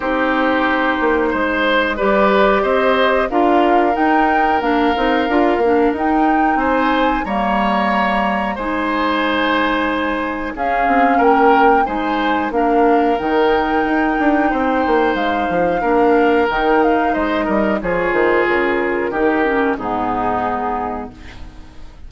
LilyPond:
<<
  \new Staff \with { instrumentName = "flute" } { \time 4/4 \tempo 4 = 91 c''2. d''4 | dis''4 f''4 g''4 f''4~ | f''4 g''4 gis''4 ais''4~ | ais''4 gis''2. |
f''4 g''4 gis''4 f''4 | g''2. f''4~ | f''4 g''8 f''8 dis''4 cis''8 c''8 | ais'2 gis'2 | }
  \new Staff \with { instrumentName = "oboe" } { \time 4/4 g'2 c''4 b'4 | c''4 ais'2.~ | ais'2 c''4 cis''4~ | cis''4 c''2. |
gis'4 ais'4 c''4 ais'4~ | ais'2 c''2 | ais'2 c''8 ais'8 gis'4~ | gis'4 g'4 dis'2 | }
  \new Staff \with { instrumentName = "clarinet" } { \time 4/4 dis'2. g'4~ | g'4 f'4 dis'4 d'8 dis'8 | f'8 d'8 dis'2 ais4~ | ais4 dis'2. |
cis'2 dis'4 d'4 | dis'1 | d'4 dis'2 f'4~ | f'4 dis'8 cis'8 b2 | }
  \new Staff \with { instrumentName = "bassoon" } { \time 4/4 c'4. ais8 gis4 g4 | c'4 d'4 dis'4 ais8 c'8 | d'8 ais8 dis'4 c'4 g4~ | g4 gis2. |
cis'8 c'8 ais4 gis4 ais4 | dis4 dis'8 d'8 c'8 ais8 gis8 f8 | ais4 dis4 gis8 g8 f8 dis8 | cis4 dis4 gis,2 | }
>>